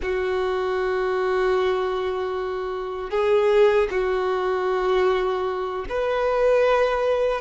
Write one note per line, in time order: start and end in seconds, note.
0.02 3.10 F#4
3.10 3.88 G#4
3.90 5.85 F#4
5.89 7.40 B4